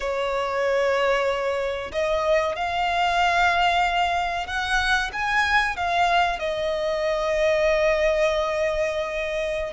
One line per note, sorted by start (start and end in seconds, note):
0.00 1.91 C#5
1.91 2.55 D#5
2.55 4.47 F5
4.47 5.10 F#5
5.12 5.76 G#5
5.76 6.39 F5
6.39 9.73 D#5